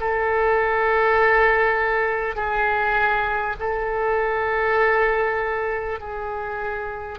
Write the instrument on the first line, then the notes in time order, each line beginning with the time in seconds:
oboe
0.00 A4
2.36 G#4
3.59 A4
5.99 G#4